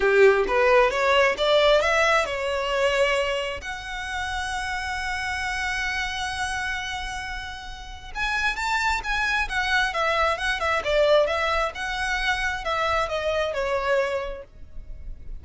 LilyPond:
\new Staff \with { instrumentName = "violin" } { \time 4/4 \tempo 4 = 133 g'4 b'4 cis''4 d''4 | e''4 cis''2. | fis''1~ | fis''1~ |
fis''2 gis''4 a''4 | gis''4 fis''4 e''4 fis''8 e''8 | d''4 e''4 fis''2 | e''4 dis''4 cis''2 | }